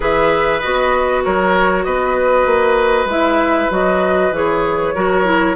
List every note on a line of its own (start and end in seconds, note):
0.00 0.62 E3
0.00 0.61 G#4
0.00 1.23 B4
0.00 0.61 E5
0.61 1.26 B3
0.61 3.10 F#4
0.61 1.22 D#5
1.24 1.85 F#3
1.24 1.85 A#4
1.24 1.84 C#5
1.84 2.45 B3
1.84 4.94 B4
1.84 3.07 D#5
2.45 3.05 A#3
3.05 3.66 G#3
3.05 3.69 E4
3.05 3.71 E5
3.69 4.31 F#3
3.69 4.31 F#4
3.69 4.34 D#5
4.31 4.93 E3
4.31 4.94 G#4
4.31 5.55 C#5
4.94 5.55 F#3
4.94 5.24 F#4
4.94 5.55 A#4
5.24 5.55 E4